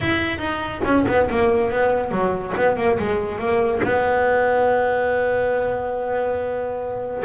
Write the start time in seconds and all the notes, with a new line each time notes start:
0.00 E4
0.38 D#4
0.84 C#4
1.08 B3
1.29 A#3
1.71 B3
2.11 F#3
2.56 B3
2.76 A#3
2.98 G#3
3.38 A#3
3.83 B3